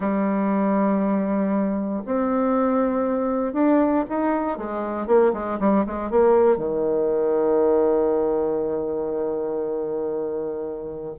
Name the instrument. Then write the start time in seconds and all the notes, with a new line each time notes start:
bassoon
0.00 G3
2.05 C4
3.53 D4
4.09 D#4
4.57 G#3
5.06 A#3
5.33 G#3
5.59 G3
5.86 G#3
6.10 A#3
6.57 D#3